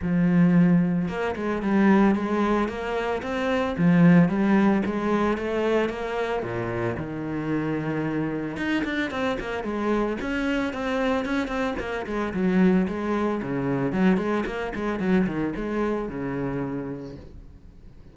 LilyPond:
\new Staff \with { instrumentName = "cello" } { \time 4/4 \tempo 4 = 112 f2 ais8 gis8 g4 | gis4 ais4 c'4 f4 | g4 gis4 a4 ais4 | ais,4 dis2. |
dis'8 d'8 c'8 ais8 gis4 cis'4 | c'4 cis'8 c'8 ais8 gis8 fis4 | gis4 cis4 fis8 gis8 ais8 gis8 | fis8 dis8 gis4 cis2 | }